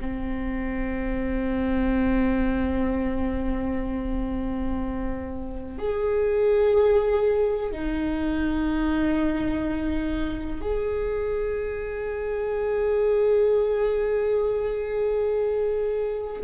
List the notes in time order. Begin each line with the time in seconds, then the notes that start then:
0.00 C4
5.78 G#4
7.71 D#4
10.61 G#4